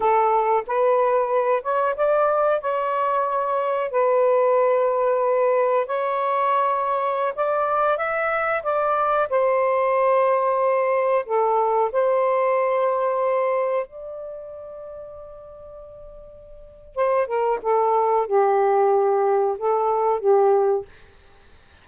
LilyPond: \new Staff \with { instrumentName = "saxophone" } { \time 4/4 \tempo 4 = 92 a'4 b'4. cis''8 d''4 | cis''2 b'2~ | b'4 cis''2~ cis''16 d''8.~ | d''16 e''4 d''4 c''4.~ c''16~ |
c''4~ c''16 a'4 c''4.~ c''16~ | c''4~ c''16 d''2~ d''8.~ | d''2 c''8 ais'8 a'4 | g'2 a'4 g'4 | }